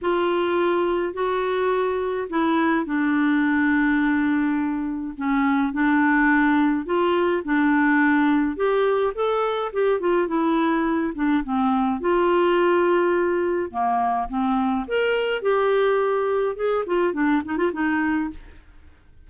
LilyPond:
\new Staff \with { instrumentName = "clarinet" } { \time 4/4 \tempo 4 = 105 f'2 fis'2 | e'4 d'2.~ | d'4 cis'4 d'2 | f'4 d'2 g'4 |
a'4 g'8 f'8 e'4. d'8 | c'4 f'2. | ais4 c'4 ais'4 g'4~ | g'4 gis'8 f'8 d'8 dis'16 f'16 dis'4 | }